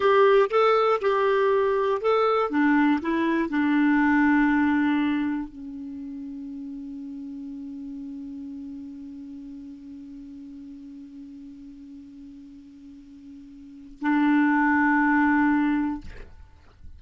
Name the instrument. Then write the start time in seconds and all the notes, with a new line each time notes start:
clarinet
0.00 G4
0.50 A4
1.01 G4
2.01 A4
2.50 D4
3.01 E4
3.49 D4
5.48 C#4
14.01 D4